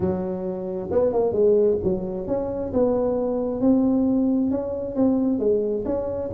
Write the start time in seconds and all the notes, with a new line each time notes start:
0.00 F#3
0.91 B3
1.12 A#3
1.32 G#3
1.83 F#3
2.27 C#4
2.73 B3
3.60 C4
4.50 C#4
4.95 C4
5.39 G#3
5.85 C#4